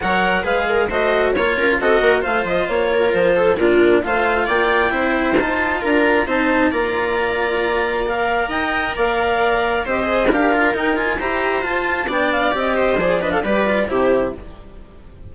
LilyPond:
<<
  \new Staff \with { instrumentName = "clarinet" } { \time 4/4 \tempo 4 = 134 fis''4 f''4 dis''4 cis''4 | dis''4 f''8 dis''8 cis''4 c''4 | ais'4 f''4 g''2 | a''4 ais''4 a''4 ais''4~ |
ais''2 f''4 g''4 | f''2 dis''4 f''4 | g''8 gis''8 ais''4 a''4 g''8 f''8 | dis''4 d''8 dis''16 f''16 d''4 c''4 | }
  \new Staff \with { instrumentName = "viola" } { \time 4/4 cis''4 b'8 ais'8 c''4 cis''8 ais'8 | a'8 ais'8 c''4. ais'4 a'8 | f'4 c''4 d''4 c''4~ | c''4 ais'4 c''4 d''4~ |
d''2. dis''4 | d''2 c''4 ais'4~ | ais'4 c''2 d''4~ | d''8 c''4 b'16 a'16 b'4 g'4 | }
  \new Staff \with { instrumentName = "cello" } { \time 4/4 ais'4 gis'4 fis'4 f'4 | fis'4 f'2. | d'4 f'2 e'4 | f'2 dis'4 f'4~ |
f'2 ais'2~ | ais'2 g'8 gis'8 g'8 f'8 | dis'8 f'8 g'4 f'4 d'4 | g'4 gis'8 d'8 g'8 f'8 e'4 | }
  \new Staff \with { instrumentName = "bassoon" } { \time 4/4 fis4 gis4 a4 ais8 cis'8 | c'8 ais8 a8 f8 ais4 f4 | ais,4 a4 ais4 c'4 | dis'4 d'4 c'4 ais4~ |
ais2. dis'4 | ais2 c'4 d'4 | dis'4 e'4 f'4 b4 | c'4 f4 g4 c4 | }
>>